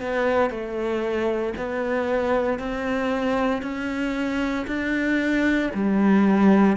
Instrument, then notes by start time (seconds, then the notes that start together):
cello
0.00 B3
0.50 A3
1.57 B3
2.59 C4
3.62 C#4
4.67 D4
5.74 G3